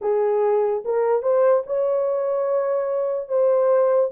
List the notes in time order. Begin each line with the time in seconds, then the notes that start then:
0.01 G#4
0.84 A#4
1.22 C5
1.66 C#5
3.28 C5